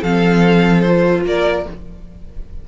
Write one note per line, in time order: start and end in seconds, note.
0.00 1.24 F3
0.00 0.84 C4
0.00 1.22 A4
0.00 0.81 F5
0.81 1.66 F4
0.81 1.21 C5
1.24 1.65 A#3
1.24 1.68 A#4
1.24 1.68 D5